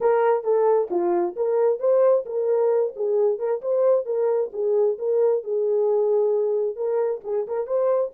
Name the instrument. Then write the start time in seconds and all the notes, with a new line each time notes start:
horn
0.00 A#4
0.43 A4
0.90 F4
1.36 A#4
1.79 C5
2.25 A#4
2.95 G#4
3.38 A#4
3.61 C5
4.05 A#4
4.52 G#4
4.98 A#4
5.43 G#4
6.75 A#4
7.24 G#4
7.47 A#4
7.66 C5